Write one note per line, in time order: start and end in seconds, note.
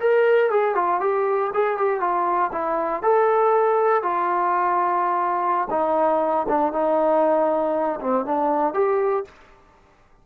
0.00 0.50 A#4
0.50 0.75 G#4
0.75 1.00 F4
1.00 1.51 G4
1.54 1.78 G#4
1.78 2.00 G4
2.00 2.51 F4
2.52 3.03 E4
3.03 4.03 A4
4.03 5.68 F4
5.70 6.47 D#4
6.49 6.73 D4
6.73 8.00 D#4
8.01 8.26 C4
8.26 8.74 D4
8.74 9.25 G4